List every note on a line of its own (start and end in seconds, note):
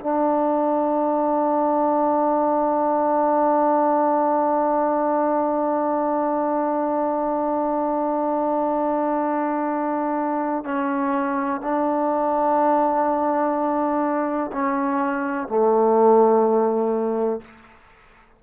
0.00 10.65 D4
10.65 11.61 C#4
11.61 14.51 D4
14.53 15.48 C#4
15.48 17.41 A3